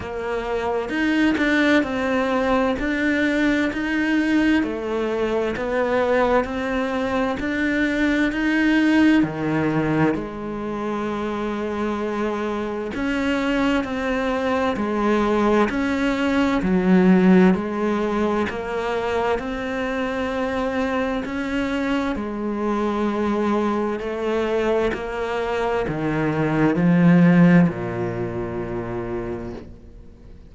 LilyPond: \new Staff \with { instrumentName = "cello" } { \time 4/4 \tempo 4 = 65 ais4 dis'8 d'8 c'4 d'4 | dis'4 a4 b4 c'4 | d'4 dis'4 dis4 gis4~ | gis2 cis'4 c'4 |
gis4 cis'4 fis4 gis4 | ais4 c'2 cis'4 | gis2 a4 ais4 | dis4 f4 ais,2 | }